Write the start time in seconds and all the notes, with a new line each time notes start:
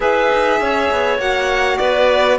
0.00 E4 G#4 B4 E5
0.32 D#4
0.60 C#4 C#5
0.91 B3
1.18 A#3 F#4 F#5
1.77 B3 B4 D5